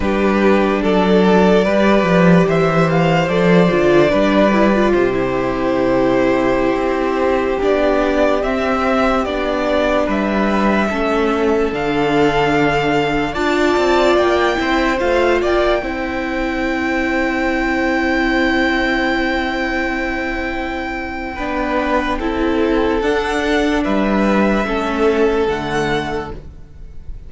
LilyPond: <<
  \new Staff \with { instrumentName = "violin" } { \time 4/4 \tempo 4 = 73 b'4 d''2 e''8 f''8 | d''2 c''2~ | c''4~ c''16 d''4 e''4 d''8.~ | d''16 e''2 f''4.~ f''16~ |
f''16 a''4 g''4 f''8 g''4~ g''16~ | g''1~ | g''1 | fis''4 e''2 fis''4 | }
  \new Staff \with { instrumentName = "violin" } { \time 4/4 g'4 a'4 b'4 c''4~ | c''4 b'4 g'2~ | g'1~ | g'16 b'4 a'2~ a'8.~ |
a'16 d''4. c''4 d''8 c''8.~ | c''1~ | c''2 b'4 a'4~ | a'4 b'4 a'2 | }
  \new Staff \with { instrumentName = "viola" } { \time 4/4 d'2 g'2 | a'8 f'8 d'8 e'16 f'8 e'4.~ e'16~ | e'4~ e'16 d'4 c'4 d'8.~ | d'4~ d'16 cis'4 d'4.~ d'16~ |
d'16 f'4. e'8 f'4 e'8.~ | e'1~ | e'2 d'4 e'4 | d'2 cis'4 a4 | }
  \new Staff \with { instrumentName = "cello" } { \time 4/4 g4 fis4 g8 f8 e4 | f8 d8 g4 c2~ | c16 c'4 b4 c'4 b8.~ | b16 g4 a4 d4.~ d16~ |
d16 d'8 c'8 ais8 c'8 a8 ais8 c'8.~ | c'1~ | c'2 b4 c'4 | d'4 g4 a4 d4 | }
>>